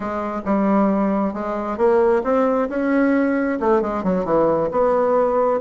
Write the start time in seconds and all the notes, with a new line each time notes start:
0.00 G#3
0.45 G3
1.33 G#3
1.77 A#3
2.23 C4
2.69 C#4
3.60 A3
3.81 G#3
4.03 F#3
4.24 E3
4.71 B3